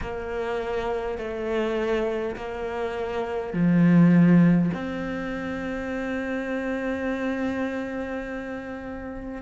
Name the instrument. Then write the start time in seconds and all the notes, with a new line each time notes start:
cello
0.01 A#3
1.18 A3
2.35 A#3
3.53 F3
4.73 C4